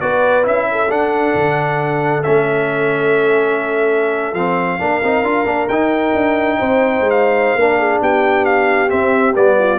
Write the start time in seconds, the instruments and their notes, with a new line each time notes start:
0.00 tuba B3, trombone F#4, horn B4, trumpet D5
0.43 tuba C#4, trombone E4, trumpet E5
0.71 horn A4
0.89 trombone D4, tuba D4, trumpet F#5
1.35 tuba D3
2.23 tuba A3, trombone C#4, trumpet E5
4.33 tuba F3, trombone C4, trumpet F5
4.79 tuba A#3, trombone D4, horn A#4
5.03 tuba C4, trombone D#4
5.22 tuba D4, trombone F4
5.45 tuba A#3, trombone D4
5.69 tuba D#4, trombone D#4, trumpet G5
6.14 tuba D4
6.58 tuba C4, horn C5
7.00 tuba G#3
7.10 trumpet F5
7.54 tuba A#3, trombone D4, horn A#4
7.80 horn G#4
8.01 tuba B3, horn G4, trumpet G5
8.45 trumpet F5
8.88 trombone C4, tuba C4, trumpet E5
9.35 tuba G3, trombone B3, trumpet D5
9.58 horn F4